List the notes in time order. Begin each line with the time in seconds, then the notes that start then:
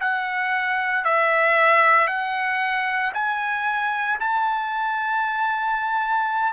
0.00 F#5
1.05 E5
2.08 F#5
3.14 G#5
4.20 A5